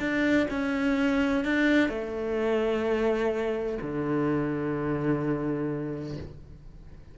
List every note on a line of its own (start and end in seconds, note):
0.00 0.47 D4
0.50 1.45 C#4
1.45 1.89 D4
1.89 3.78 A3
3.82 6.18 D3